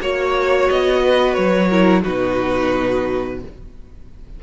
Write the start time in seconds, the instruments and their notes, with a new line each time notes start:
0.00 cello A#3, viola F#4, violin C#5
0.69 cello B3, violin D#5
1.03 violin B4
1.33 cello F#3, violin C#5
1.68 viola E4, violin A#4
2.02 cello B2, viola D#4, violin F#4 B4